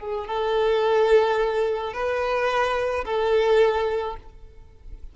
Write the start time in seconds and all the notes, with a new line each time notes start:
0.00 G#4
0.28 A4
1.94 B4
3.06 A4